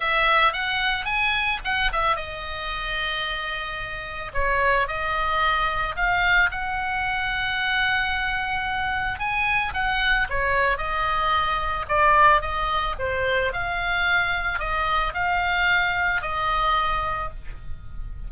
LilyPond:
\new Staff \with { instrumentName = "oboe" } { \time 4/4 \tempo 4 = 111 e''4 fis''4 gis''4 fis''8 e''8 | dis''1 | cis''4 dis''2 f''4 | fis''1~ |
fis''4 gis''4 fis''4 cis''4 | dis''2 d''4 dis''4 | c''4 f''2 dis''4 | f''2 dis''2 | }